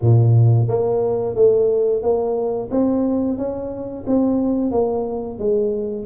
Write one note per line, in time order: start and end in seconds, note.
0.01 0.67 A#2
0.67 1.35 A#3
1.35 2.02 A3
2.02 2.69 A#3
2.71 3.37 C4
3.37 4.04 C#4
4.06 4.71 C4
4.71 5.38 A#3
5.38 6.06 G#3